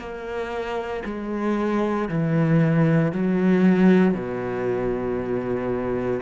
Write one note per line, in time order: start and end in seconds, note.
0.00 1.03 A#3
1.05 2.09 G#3
2.09 3.13 E3
3.13 4.15 F#3
4.15 6.22 B2